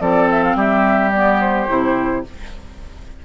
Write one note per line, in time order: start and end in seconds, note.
0.00 0.55 F3
0.00 1.12 C4
0.00 0.57 A4
0.00 0.28 D5
0.30 0.43 E5
0.43 0.57 F5
0.55 1.67 G3
0.55 2.25 G4
0.55 1.10 E5
1.10 1.67 B3
1.10 1.38 D5
1.40 2.24 C5
1.67 2.25 C3
1.67 2.23 E4